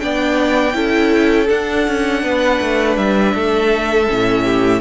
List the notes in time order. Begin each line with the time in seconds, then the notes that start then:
0.00 B3 D4 D5 G5
0.74 C#4 E4 A4
1.48 D4 F#5
1.87 C#4
2.23 B3 B4
2.61 A3
2.97 G3 E5
3.35 A3 A4
4.08 A2 C#4
4.44 G4